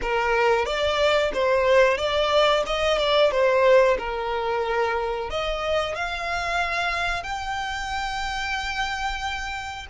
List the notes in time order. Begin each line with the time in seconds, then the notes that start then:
0.01 A#4
0.65 D5
1.33 C5
1.98 D5
2.66 D#5
2.98 D5
3.31 C5
3.98 A#4
5.30 D#5
5.95 F5
7.23 G5